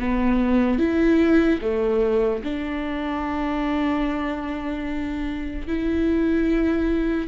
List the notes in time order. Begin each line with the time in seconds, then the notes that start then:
0.00 B3
0.79 E4
1.62 A3
2.44 D4
5.68 E4